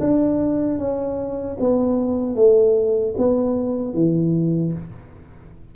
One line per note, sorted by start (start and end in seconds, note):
0.00 0.78 D4
0.78 1.57 C#4
1.60 2.35 B3
2.35 3.14 A3
3.17 3.93 B3
3.93 4.72 E3